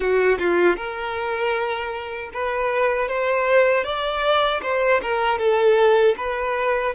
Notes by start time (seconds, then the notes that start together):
0.00 F#4
0.38 F4
0.76 A#4
2.33 B4
3.08 C5
3.84 D5
4.62 C5
5.02 A#4
5.38 A4
6.17 B4